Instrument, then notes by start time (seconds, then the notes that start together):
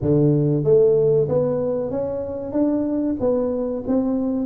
tuba
0.01 D3
0.64 A3
1.28 B3
1.90 C#4
2.52 D4
3.19 B3
3.87 C4